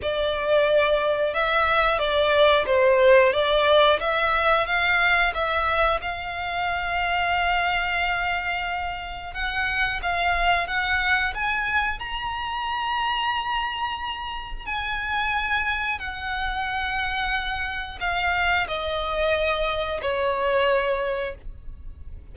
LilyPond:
\new Staff \with { instrumentName = "violin" } { \time 4/4 \tempo 4 = 90 d''2 e''4 d''4 | c''4 d''4 e''4 f''4 | e''4 f''2.~ | f''2 fis''4 f''4 |
fis''4 gis''4 ais''2~ | ais''2 gis''2 | fis''2. f''4 | dis''2 cis''2 | }